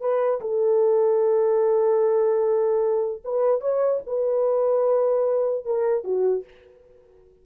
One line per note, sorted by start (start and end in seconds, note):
0.00 0.40 B4
0.40 3.22 A4
3.24 3.60 B4
3.60 4.01 C#5
4.06 5.65 B4
5.65 6.04 A#4
6.04 6.44 F#4